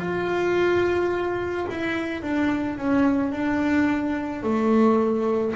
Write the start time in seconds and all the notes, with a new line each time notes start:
0.00 F4
1.70 E4
2.23 D4
2.78 C#4
3.32 D4
4.43 A3